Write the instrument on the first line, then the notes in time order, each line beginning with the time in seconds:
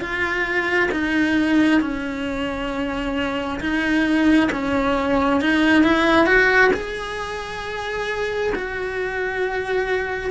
cello
0.00 F4
0.92 D#4
1.81 C#4
3.60 D#4
4.52 C#4
5.41 D#4
5.84 E4
6.26 F#4
6.74 G#4
8.55 F#4